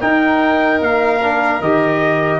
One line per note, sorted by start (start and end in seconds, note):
0.00 1.20 D#4
0.00 0.80 D#4
0.00 2.39 A#4
0.00 0.80 G5
0.80 1.60 A#3
0.80 1.62 F5
1.21 1.61 D4
1.60 2.39 D#3
1.60 2.39 G4
1.60 2.39 D#5